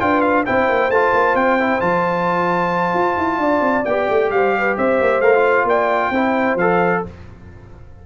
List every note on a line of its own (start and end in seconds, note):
0.00 0.47 D4
0.00 0.45 F4
0.00 0.46 B4
0.00 0.21 G5
0.21 0.44 F5
0.46 0.70 C4
0.46 0.91 E4
0.46 3.41 C5
0.46 0.91 G5
0.70 0.89 A#3
0.89 1.11 A3
0.89 1.60 F4
0.89 1.36 A5
1.13 1.35 A#3
1.35 1.80 C4
1.35 1.81 G5
1.60 1.80 E4
1.80 2.94 F3
1.80 3.85 F4
1.80 3.85 A5
2.94 3.17 F4
3.18 3.38 E4
3.38 3.61 D4
3.38 4.32 D5
3.61 3.84 C4
3.85 4.08 B3
3.85 5.23 G4
3.85 4.31 G5
4.09 4.31 A3
4.31 4.76 G3
4.31 4.57 C5
4.31 4.77 F5
4.59 4.78 B4
4.78 5.01 C4
4.78 5.68 C5
4.78 5.21 E5
5.01 5.21 A#3
5.21 5.64 A3
5.21 5.34 A#4
5.21 5.67 F5
5.35 6.14 F4
5.64 6.10 A#3
5.64 6.11 D5
5.64 6.58 G5
6.11 6.56 C4
6.11 6.59 E4
6.11 7.02 C5
6.56 7.01 F3
6.56 7.07 A4
6.56 7.04 F5